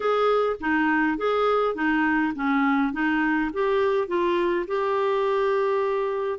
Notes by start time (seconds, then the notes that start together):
0.00 G#4
0.60 D#4
1.17 G#4
1.74 D#4
2.35 C#4
2.92 D#4
3.53 G4
4.07 F4
4.67 G4